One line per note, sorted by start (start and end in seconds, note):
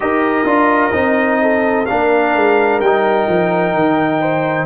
0.00 0.45 D#4
0.00 0.45 G4
0.00 1.41 A#4
0.00 1.85 D#5
0.45 0.92 D4
0.45 0.91 F4
0.91 1.86 C4
0.91 1.85 D#4
1.41 1.88 A4
1.85 2.35 A#3
1.85 2.82 D4
1.85 4.20 A#4
1.85 2.79 F5
2.35 2.80 G#3
2.80 3.27 G3
2.80 4.65 D#4
2.80 4.65 G5
3.28 3.74 F3
3.74 4.65 D#3
4.20 4.65 C5